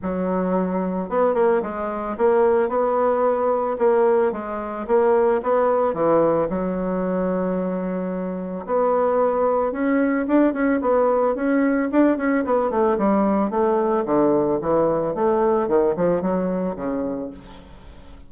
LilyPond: \new Staff \with { instrumentName = "bassoon" } { \time 4/4 \tempo 4 = 111 fis2 b8 ais8 gis4 | ais4 b2 ais4 | gis4 ais4 b4 e4 | fis1 |
b2 cis'4 d'8 cis'8 | b4 cis'4 d'8 cis'8 b8 a8 | g4 a4 d4 e4 | a4 dis8 f8 fis4 cis4 | }